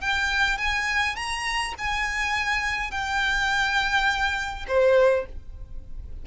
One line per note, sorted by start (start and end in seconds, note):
0.00 0.57 G5
0.57 1.15 G#5
1.15 1.74 A#5
1.78 2.90 G#5
2.90 4.65 G5
4.67 5.26 C5